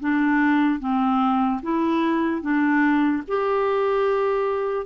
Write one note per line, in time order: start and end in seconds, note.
0.00 0.79 D4
0.79 1.60 C4
1.62 2.41 E4
2.41 3.22 D4
3.27 4.86 G4